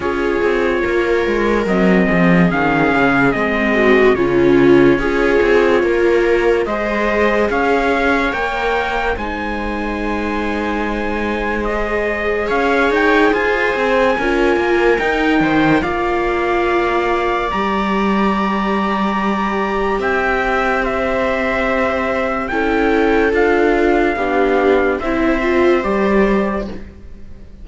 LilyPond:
<<
  \new Staff \with { instrumentName = "trumpet" } { \time 4/4 \tempo 4 = 72 cis''2 dis''4 f''4 | dis''4 cis''2. | dis''4 f''4 g''4 gis''4~ | gis''2 dis''4 f''8 g''8 |
gis''2 g''4 f''4~ | f''4 ais''2. | g''4 e''2 g''4 | f''2 e''4 d''4 | }
  \new Staff \with { instrumentName = "viola" } { \time 4/4 gis'4 ais'4. gis'4.~ | gis'8 fis'8 f'4 gis'4 ais'4 | c''4 cis''2 c''4~ | c''2. cis''4 |
c''4 ais'4. c''8 d''4~ | d''1 | e''4 c''2 a'4~ | a'4 g'4 c''2 | }
  \new Staff \with { instrumentName = "viola" } { \time 4/4 f'2 c'4 cis'4 | c'4 cis'4 f'2 | gis'2 ais'4 dis'4~ | dis'2 gis'2~ |
gis'4 f'4 dis'4 f'4~ | f'4 g'2.~ | g'2. e'4 | f'4 d'4 e'8 f'8 g'4 | }
  \new Staff \with { instrumentName = "cello" } { \time 4/4 cis'8 c'8 ais8 gis8 fis8 f8 dis8 cis8 | gis4 cis4 cis'8 c'8 ais4 | gis4 cis'4 ais4 gis4~ | gis2. cis'8 dis'8 |
f'8 c'8 cis'8 ais8 dis'8 dis8 ais4~ | ais4 g2. | c'2. cis'4 | d'4 b4 c'4 g4 | }
>>